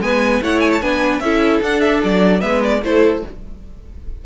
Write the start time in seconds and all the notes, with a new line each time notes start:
0.00 G#3 B3 B4 G#5
0.41 A3 E4 C#5 F#5
0.60 G#5
0.72 A5
0.81 B3 D4 B4 G#5
1.20 C#4 E4 A4 E5
1.61 D4 F#5
1.80 E5
2.03 F#3 D5
2.40 G#3 B3 B4 E5
2.63 D5
2.82 A3 E4 A4 C5